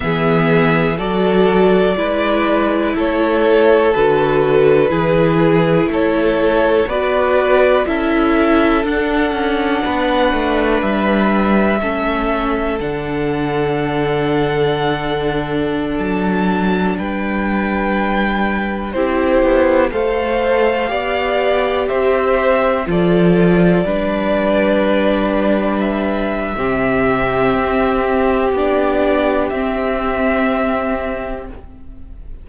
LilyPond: <<
  \new Staff \with { instrumentName = "violin" } { \time 4/4 \tempo 4 = 61 e''4 d''2 cis''4 | b'2 cis''4 d''4 | e''4 fis''2 e''4~ | e''4 fis''2.~ |
fis''16 a''4 g''2 c''8.~ | c''16 f''2 e''4 d''8.~ | d''2~ d''16 e''4.~ e''16~ | e''4 d''4 e''2 | }
  \new Staff \with { instrumentName = "violin" } { \time 4/4 gis'4 a'4 b'4 a'4~ | a'4 gis'4 a'4 b'4 | a'2 b'2 | a'1~ |
a'4~ a'16 b'2 g'8.~ | g'16 c''4 d''4 c''4 a'8.~ | a'16 b'2~ b'8. g'4~ | g'1 | }
  \new Staff \with { instrumentName = "viola" } { \time 4/4 b4 fis'4 e'2 | fis'4 e'2 fis'4 | e'4 d'2. | cis'4 d'2.~ |
d'2.~ d'16 e'8.~ | e'16 a'4 g'2 f'8.~ | f'16 d'2~ d'8. c'4~ | c'4 d'4 c'2 | }
  \new Staff \with { instrumentName = "cello" } { \time 4/4 e4 fis4 gis4 a4 | d4 e4 a4 b4 | cis'4 d'8 cis'8 b8 a8 g4 | a4 d2.~ |
d16 fis4 g2 c'8 b16~ | b16 a4 b4 c'4 f8.~ | f16 g2~ g8. c4 | c'4 b4 c'2 | }
>>